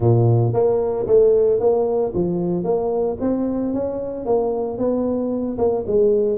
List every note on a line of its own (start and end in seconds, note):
0.00 0.53 A#2
0.53 1.06 A#3
1.06 1.59 A3
1.59 2.12 A#3
2.14 2.64 F3
2.64 3.17 A#3
3.20 3.73 C4
3.73 4.25 C#4
4.25 4.78 A#3
4.78 5.57 B3
5.58 5.84 A#3
5.86 6.38 G#3